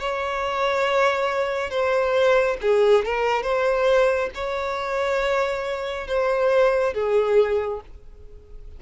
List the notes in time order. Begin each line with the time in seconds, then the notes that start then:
0.00 C#5
1.70 C5
2.62 G#4
3.05 A#4
3.43 C5
4.35 C#5
6.08 C5
6.94 G#4